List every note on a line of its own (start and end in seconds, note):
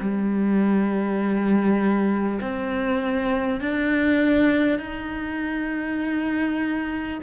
0.00 2.40 G3
2.41 3.61 C4
3.61 4.79 D4
4.79 7.19 D#4